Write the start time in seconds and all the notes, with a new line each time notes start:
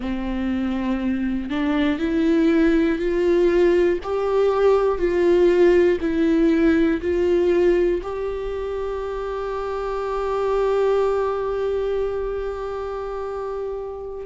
0.00 C4
1.50 D4
1.99 E4
2.98 F4
4.03 G4
4.98 F4
6.00 E4
7.01 F4
8.02 G4